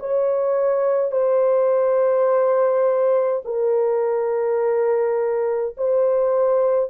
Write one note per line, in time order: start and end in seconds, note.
0.00 1.12 C#5
1.12 3.43 C5
3.45 5.76 A#4
5.78 6.91 C5